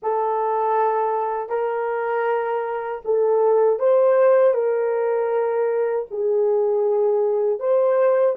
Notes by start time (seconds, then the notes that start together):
0.02 A4
1.49 A#4
3.04 A4
3.79 C5
4.54 A#4
6.10 G#4
7.59 C5